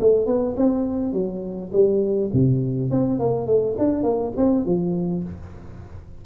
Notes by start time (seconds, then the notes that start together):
0.00 A3
0.26 B3
0.56 C4
1.13 F#3
1.72 G3
2.33 C3
2.90 C4
3.19 A#3
3.47 A3
3.78 D4
4.03 A#3
4.36 C4
4.65 F3